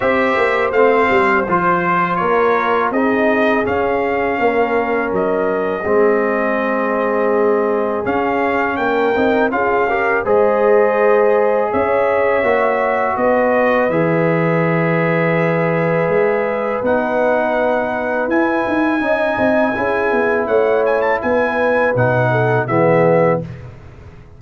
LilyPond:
<<
  \new Staff \with { instrumentName = "trumpet" } { \time 4/4 \tempo 4 = 82 e''4 f''4 c''4 cis''4 | dis''4 f''2 dis''4~ | dis''2. f''4 | g''4 f''4 dis''2 |
e''2 dis''4 e''4~ | e''2. fis''4~ | fis''4 gis''2. | fis''8 gis''16 a''16 gis''4 fis''4 e''4 | }
  \new Staff \with { instrumentName = "horn" } { \time 4/4 c''2. ais'4 | gis'2 ais'2 | gis'1 | ais'4 gis'8 ais'8 c''2 |
cis''2 b'2~ | b'1~ | b'2 dis''4 gis'4 | cis''4 b'4. a'8 gis'4 | }
  \new Staff \with { instrumentName = "trombone" } { \time 4/4 g'4 c'4 f'2 | dis'4 cis'2. | c'2. cis'4~ | cis'8 dis'8 f'8 g'8 gis'2~ |
gis'4 fis'2 gis'4~ | gis'2. dis'4~ | dis'4 e'4 dis'4 e'4~ | e'2 dis'4 b4 | }
  \new Staff \with { instrumentName = "tuba" } { \time 4/4 c'8 ais8 a8 g8 f4 ais4 | c'4 cis'4 ais4 fis4 | gis2. cis'4 | ais8 c'8 cis'4 gis2 |
cis'4 ais4 b4 e4~ | e2 gis4 b4~ | b4 e'8 dis'8 cis'8 c'8 cis'8 b8 | a4 b4 b,4 e4 | }
>>